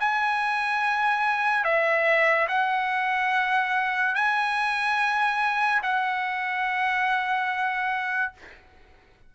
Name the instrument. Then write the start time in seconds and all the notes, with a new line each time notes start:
trumpet
0.00 G#5
1.64 E5
2.49 F#5
4.16 G#5
5.83 F#5